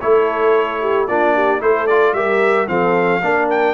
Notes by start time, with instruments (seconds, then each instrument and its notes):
0.00 tuba A3, trombone E4, horn A4, trumpet C#5
0.81 horn G4
1.07 tuba A#3, trombone D4, horn F4, trumpet D5
1.34 horn G4
1.59 tuba A3, trombone E4, horn A4, trumpet C5
1.87 trombone F4, trumpet D5
2.13 tuba G3, trombone G4, horn A#4, trumpet E5
2.67 tuba F3, trombone C4, horn A4, trumpet F5
3.22 tuba A#3, trombone D4, horn A#4
3.50 trumpet G5